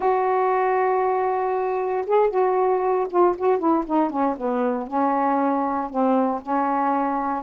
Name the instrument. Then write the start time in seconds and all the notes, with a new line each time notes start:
saxophone
0.00 F#4
2.06 G#4
2.30 F#4
3.10 F4
3.37 F#4
3.58 E4
3.86 D#4
4.10 C#4
4.37 B3
4.87 C#4
5.90 C4
6.42 C#4